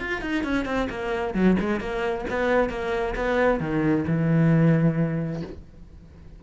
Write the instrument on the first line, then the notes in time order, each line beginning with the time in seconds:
cello
0.00 F4
0.22 D#4
0.44 C#4
0.66 C4
0.90 A#3
1.34 F#3
1.60 G#3
1.80 A#3
2.30 B3
2.70 A#3
3.16 B3
3.60 D#3
4.08 E3